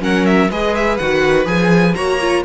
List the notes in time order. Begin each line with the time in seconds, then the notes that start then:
0.00 F#3 C#4 A#4 F#5
0.26 E5
0.50 G#3 G#4 B4 D#5
0.75 E5
0.97 D#3 F#4 F#5
1.46 F3 G#4 G#5
1.95 A#3 F#4 C#5 A#5
2.21 F4